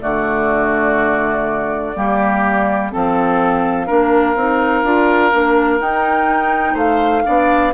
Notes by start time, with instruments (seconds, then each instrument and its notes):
0.00 bassoon D3, clarinet A3, oboe F#4, flute D5
1.95 bassoon G3, clarinet A#3, oboe G4
2.91 bassoon F3, clarinet C4, oboe A4, flute F5
3.87 bassoon A#3, clarinet D4, oboe A#4
4.35 bassoon C4, clarinet D#4
4.84 bassoon D4, clarinet F4
5.32 bassoon A#3, clarinet D4
5.80 bassoon D#4, clarinet D#4, flute G5
6.74 bassoon A3, oboe C5, flute F5
7.25 bassoon B3, clarinet D4, oboe D5